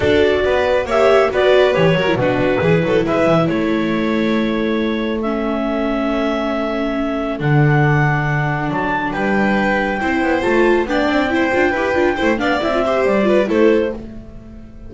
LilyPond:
<<
  \new Staff \with { instrumentName = "clarinet" } { \time 4/4 \tempo 4 = 138 d''2 e''4 d''4 | cis''4 b'2 e''4 | cis''1 | e''1~ |
e''4 fis''2. | a''4 g''2. | a''4 g''2.~ | g''8 f''8 e''4 d''4 c''4 | }
  \new Staff \with { instrumentName = "violin" } { \time 4/4 a'4 b'4 cis''4 b'4~ | b'8 ais'8 fis'4 gis'8 a'8 b'4 | a'1~ | a'1~ |
a'1~ | a'4 b'2 c''4~ | c''4 d''4 c''4 b'4 | c''8 d''4 c''4 b'8 a'4 | }
  \new Staff \with { instrumentName = "viola" } { \time 4/4 fis'2 g'4 fis'4 | g'8 fis'16 e'16 d'4 e'2~ | e'1 | cis'1~ |
cis'4 d'2.~ | d'2. e'4 | f'4 d'4 e'8 f'8 g'8 f'8 | e'8 d'8 e'16 f'16 g'4 f'8 e'4 | }
  \new Staff \with { instrumentName = "double bass" } { \time 4/4 d'4 b4 ais4 b4 | e8 fis8 b,4 e8 fis8 gis8 e8 | a1~ | a1~ |
a4 d2. | fis4 g2 c'8 b8 | a4 b8 c'4 d'8 e'8 d'8 | a8 b8 c'4 g4 a4 | }
>>